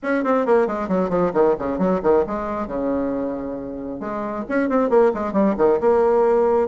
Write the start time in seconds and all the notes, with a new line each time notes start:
0.02 C#4
0.24 C4
0.45 A#3
0.67 G#3
0.88 F#3
1.09 F3
1.33 D#3
1.59 C#3
1.78 F#3
2.02 D#3
2.26 G#3
2.67 C#3
4.00 G#3
4.48 C#4
4.69 C4
4.89 A#3
5.14 G#3
5.32 G3
5.57 D#3
5.80 A#3